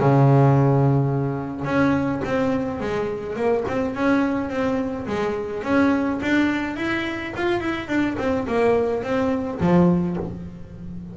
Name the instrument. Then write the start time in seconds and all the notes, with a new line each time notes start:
double bass
0.00 C#3
1.65 C#4
2.25 C4
2.81 G#3
3.37 A#3
3.69 C4
3.95 C#4
4.50 C4
5.07 G#3
5.64 C#4
6.22 D4
6.77 E4
7.36 F4
7.61 E4
7.88 D4
8.19 C4
8.48 A#3
9.03 C4
9.61 F3